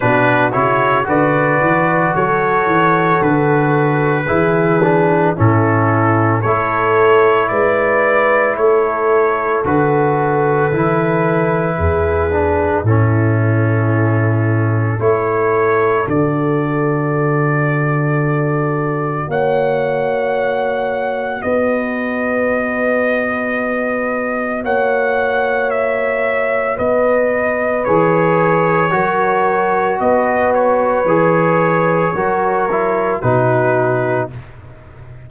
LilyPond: <<
  \new Staff \with { instrumentName = "trumpet" } { \time 4/4 \tempo 4 = 56 b'8 cis''8 d''4 cis''4 b'4~ | b'4 a'4 cis''4 d''4 | cis''4 b'2. | a'2 cis''4 d''4~ |
d''2 fis''2 | dis''2. fis''4 | e''4 dis''4 cis''2 | dis''8 cis''2~ cis''8 b'4 | }
  \new Staff \with { instrumentName = "horn" } { \time 4/4 fis'4 b'4 a'2 | gis'4 e'4 a'4 b'4 | a'2. gis'4 | e'2 a'2~ |
a'2 cis''2 | b'2. cis''4~ | cis''4 b'2 ais'4 | b'2 ais'4 fis'4 | }
  \new Staff \with { instrumentName = "trombone" } { \time 4/4 d'8 e'8 fis'2. | e'8 d'8 cis'4 e'2~ | e'4 fis'4 e'4. d'8 | cis'2 e'4 fis'4~ |
fis'1~ | fis'1~ | fis'2 gis'4 fis'4~ | fis'4 gis'4 fis'8 e'8 dis'4 | }
  \new Staff \with { instrumentName = "tuba" } { \time 4/4 b,8 cis8 d8 e8 fis8 e8 d4 | e4 a,4 a4 gis4 | a4 d4 e4 e,4 | a,2 a4 d4~ |
d2 ais2 | b2. ais4~ | ais4 b4 e4 fis4 | b4 e4 fis4 b,4 | }
>>